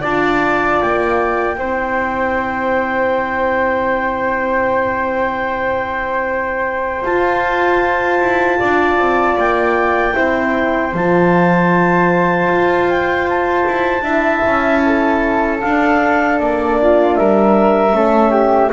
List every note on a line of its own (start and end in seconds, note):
0.00 0.82 D4
0.00 1.58 F4
0.00 1.56 D5
0.00 0.81 A5
0.81 1.58 A#3
0.81 7.04 G5
1.58 7.04 C4
1.58 7.02 E4
1.58 8.59 C5
7.02 10.13 F4
7.02 8.20 F4
7.02 9.38 A5
8.20 8.59 E4
8.59 8.98 D4
8.59 10.15 D5
8.98 9.37 C4
9.37 10.15 A#3
9.37 10.95 G5
10.13 10.93 C4
10.13 10.91 E4
10.13 14.04 C5
10.93 12.48 F3
10.93 14.05 F4
10.93 12.89 A5
12.48 13.65 F4
12.89 13.28 G5
13.29 15.61 A5
13.67 14.02 E4
14.02 14.41 D4
14.02 15.60 E4
14.02 14.81 E5
14.45 15.62 C#4
14.86 16.80 A4
15.61 17.93 D4
15.61 16.40 D4
15.61 16.39 F5
16.39 17.18 A#3
16.39 17.16 D5
16.81 17.19 F4
17.16 17.93 G3
17.16 17.96 A#4
17.16 18.72 E5
17.93 18.70 A3
17.93 18.70 C#4
17.93 18.31 A4
18.31 18.70 G4